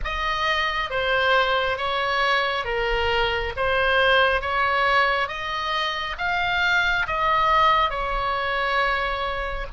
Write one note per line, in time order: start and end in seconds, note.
0.04 0.90 D#5
0.90 1.77 C5
1.77 2.65 C#5
2.65 3.53 A#4
3.56 4.41 C5
4.41 5.27 C#5
5.27 6.16 D#5
6.18 7.06 F5
7.06 7.90 D#5
7.90 9.66 C#5